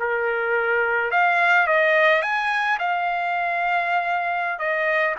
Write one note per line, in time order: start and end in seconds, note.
0.00 1.11 A#4
1.11 1.67 F5
1.67 2.22 D#5
2.22 2.78 G#5
2.79 4.59 F5
4.59 5.15 D#5